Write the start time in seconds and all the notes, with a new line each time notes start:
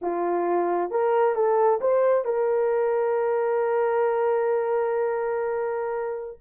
0.01 F4
0.90 A#4
1.35 A4
1.81 C5
2.24 A#4